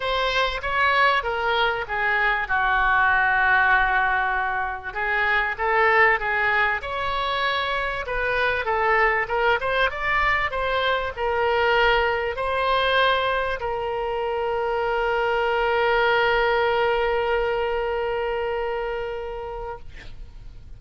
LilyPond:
\new Staff \with { instrumentName = "oboe" } { \time 4/4 \tempo 4 = 97 c''4 cis''4 ais'4 gis'4 | fis'1 | gis'4 a'4 gis'4 cis''4~ | cis''4 b'4 a'4 ais'8 c''8 |
d''4 c''4 ais'2 | c''2 ais'2~ | ais'1~ | ais'1 | }